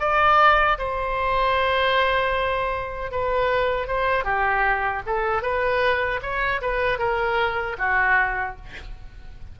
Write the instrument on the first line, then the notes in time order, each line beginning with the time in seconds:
oboe
0.00 D5
0.78 C5
3.12 B4
3.88 C5
4.25 G4
5.06 A4
5.43 B4
6.22 C#5
6.62 B4
6.99 A#4
7.79 F#4